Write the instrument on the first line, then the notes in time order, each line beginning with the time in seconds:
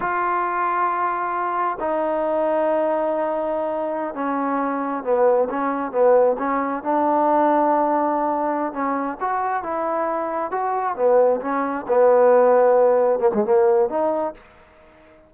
trombone
0.00 F4
1.80 D#4
4.14 C#4
5.03 B3
5.49 C#4
5.91 B3
6.38 C#4
6.83 D4
8.73 C#4
9.20 F#4
9.63 E4
10.51 F#4
10.95 B3
11.41 C#4
11.87 B3
13.19 A#3
13.33 G#3
13.44 A#3
13.89 D#4